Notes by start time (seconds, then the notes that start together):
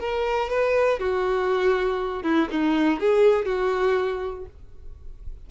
0.00 A#4
0.50 B4
1.00 F#4
2.23 E4
2.52 D#4
3.00 G#4
3.46 F#4